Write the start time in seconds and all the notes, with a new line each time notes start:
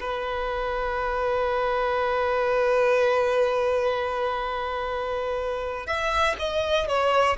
0.00 B4
5.87 E5
6.39 D#5
6.88 C#5